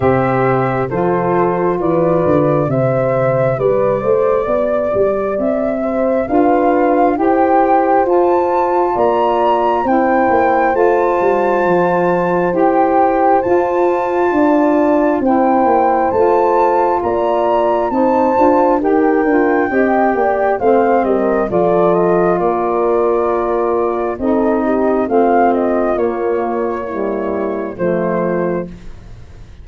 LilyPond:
<<
  \new Staff \with { instrumentName = "flute" } { \time 4/4 \tempo 4 = 67 e''4 c''4 d''4 e''4 | d''2 e''4 f''4 | g''4 a''4 ais''4 g''4 | a''2 g''4 a''4~ |
a''4 g''4 a''4 ais''4 | a''4 g''2 f''8 dis''8 | d''8 dis''8 d''2 dis''4 | f''8 dis''8 cis''2 c''4 | }
  \new Staff \with { instrumentName = "horn" } { \time 4/4 c''4 a'4 b'4 c''4 | b'8 c''8 d''4. c''8 b'4 | c''2 d''4 c''4~ | c''1 |
d''4 c''2 d''4 | c''4 ais'4 dis''8 d''8 c''8 ais'8 | a'4 ais'2 a'8 g'8 | f'2 e'4 f'4 | }
  \new Staff \with { instrumentName = "saxophone" } { \time 4/4 g'4 f'2 g'4~ | g'2. f'4 | g'4 f'2 e'4 | f'2 g'4 f'4~ |
f'4 e'4 f'2 | dis'8 f'8 g'8 f'8 g'4 c'4 | f'2. dis'4 | c'4 ais4 g4 a4 | }
  \new Staff \with { instrumentName = "tuba" } { \time 4/4 c4 f4 e8 d8 c4 | g8 a8 b8 g8 c'4 d'4 | e'4 f'4 ais4 c'8 ais8 | a8 g8 f4 e'4 f'4 |
d'4 c'8 ais8 a4 ais4 | c'8 d'8 dis'8 d'8 c'8 ais8 a8 g8 | f4 ais2 c'4 | a4 ais2 f4 | }
>>